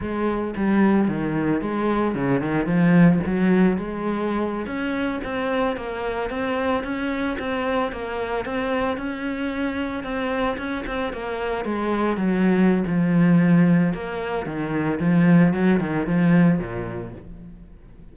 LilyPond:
\new Staff \with { instrumentName = "cello" } { \time 4/4 \tempo 4 = 112 gis4 g4 dis4 gis4 | cis8 dis8 f4 fis4 gis4~ | gis8. cis'4 c'4 ais4 c'16~ | c'8. cis'4 c'4 ais4 c'16~ |
c'8. cis'2 c'4 cis'16~ | cis'16 c'8 ais4 gis4 fis4~ fis16 | f2 ais4 dis4 | f4 fis8 dis8 f4 ais,4 | }